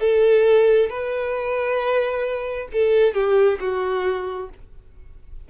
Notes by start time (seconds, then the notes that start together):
0.00 A4
0.89 B4
2.72 A4
3.13 G4
3.59 F#4